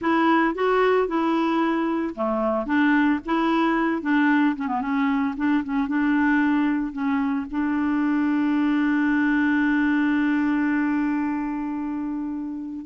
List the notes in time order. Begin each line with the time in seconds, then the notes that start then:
0.01 E4
0.54 F#4
1.07 E4
2.15 A3
2.65 D4
3.25 E4
4.02 D4
4.56 C#4
4.67 B3
4.81 C#4
5.36 D4
5.64 C#4
5.88 D4
6.92 C#4
7.50 D4